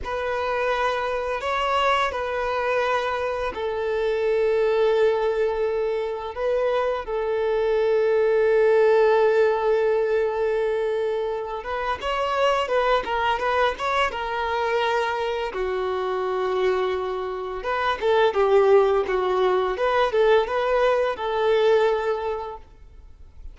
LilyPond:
\new Staff \with { instrumentName = "violin" } { \time 4/4 \tempo 4 = 85 b'2 cis''4 b'4~ | b'4 a'2.~ | a'4 b'4 a'2~ | a'1~ |
a'8 b'8 cis''4 b'8 ais'8 b'8 cis''8 | ais'2 fis'2~ | fis'4 b'8 a'8 g'4 fis'4 | b'8 a'8 b'4 a'2 | }